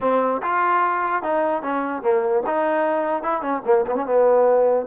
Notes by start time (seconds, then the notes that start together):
0.01 C4
0.42 F4
1.23 D#4
1.62 C#4
2.02 A#3
2.46 D#4
3.22 E4
3.41 C#4
3.65 A#3
3.86 B3
3.95 C#4
4.05 B3